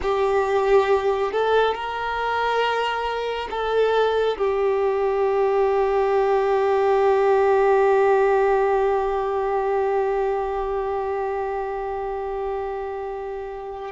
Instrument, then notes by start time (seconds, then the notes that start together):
violin
0.02 G4
1.32 A4
1.74 A#4
3.50 A4
4.37 G4